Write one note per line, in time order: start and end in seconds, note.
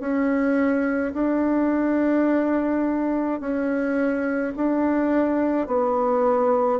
0.00 1.13 C#4
1.14 3.40 D4
3.40 4.53 C#4
4.56 5.67 D4
5.67 6.80 B3